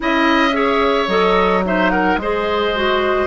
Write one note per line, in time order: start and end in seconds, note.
0.00 1.07 C#4
0.00 0.51 E4
0.00 0.55 D#5
0.00 1.08 E5
0.52 1.06 G#4
0.52 1.64 C#5
1.07 2.16 F#3
1.07 1.62 A4
1.07 1.63 D#5
1.65 2.19 D#4
1.65 1.91 C5
1.65 1.90 E5
1.90 2.19 A#4
1.90 2.17 F#5
2.17 3.26 G#3
2.17 2.74 G#4
2.17 3.27 C5
2.17 3.27 D#5
2.74 3.27 F#4